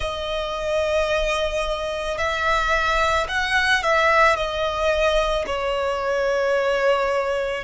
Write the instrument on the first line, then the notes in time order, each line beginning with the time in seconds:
violin
0.00 D#5
2.18 E5
3.28 F#5
3.82 E5
4.36 D#5
5.46 C#5